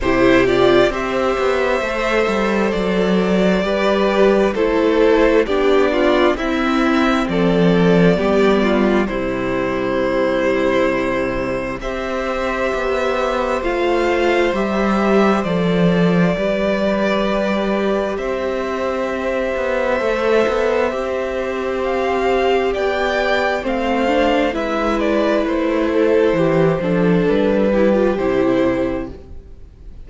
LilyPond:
<<
  \new Staff \with { instrumentName = "violin" } { \time 4/4 \tempo 4 = 66 c''8 d''8 e''2 d''4~ | d''4 c''4 d''4 e''4 | d''2 c''2~ | c''4 e''2 f''4 |
e''4 d''2. | e''1 | f''4 g''4 f''4 e''8 d''8 | c''2 b'4 c''4 | }
  \new Staff \with { instrumentName = "violin" } { \time 4/4 g'4 c''2. | b'4 a'4 g'8 f'8 e'4 | a'4 g'8 f'8 e'2~ | e'4 c''2.~ |
c''2 b'2 | c''1~ | c''4 d''4 c''4 b'4~ | b'8 a'8 g'8 a'4 g'4. | }
  \new Staff \with { instrumentName = "viola" } { \time 4/4 e'8 f'8 g'4 a'2 | g'4 e'4 d'4 c'4~ | c'4 b4 g2~ | g4 g'2 f'4 |
g'4 a'4 g'2~ | g'2 a'4 g'4~ | g'2 c'8 d'8 e'4~ | e'4. d'4 e'16 f'16 e'4 | }
  \new Staff \with { instrumentName = "cello" } { \time 4/4 c4 c'8 b8 a8 g8 fis4 | g4 a4 b4 c'4 | f4 g4 c2~ | c4 c'4 b4 a4 |
g4 f4 g2 | c'4. b8 a8 b8 c'4~ | c'4 b4 a4 gis4 | a4 e8 f8 g4 c4 | }
>>